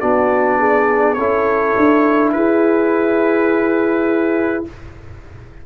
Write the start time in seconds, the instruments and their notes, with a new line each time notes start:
0.00 tuba B3, trombone D4, horn F#4, trumpet D5
0.59 horn G#4
1.14 tuba C#4, trombone E4, horn A4, trumpet C#5
1.77 tuba D4
2.32 tuba E4, horn G#4, trumpet B4